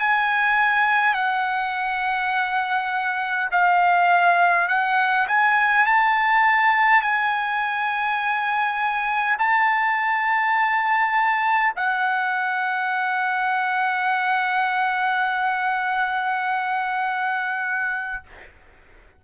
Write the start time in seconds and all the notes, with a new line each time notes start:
0.00 G#5
1.14 F#5
3.52 F5
4.68 F#5
5.28 G#5
5.87 A5
7.02 G#5
9.39 A5
11.76 F#5